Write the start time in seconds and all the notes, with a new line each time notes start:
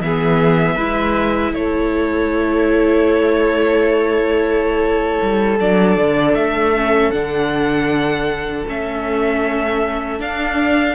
0.00 E3 B3 G#4 E5
0.75 G#3 E4 B4
1.53 A3 A4 C#5
5.22 G3
5.59 F#3 D4 D5
5.97 D3
6.34 A3 E5
6.76 C#4
7.10 D3 D4 F#5
8.67 A3 C#4 E5
10.19 D4 F5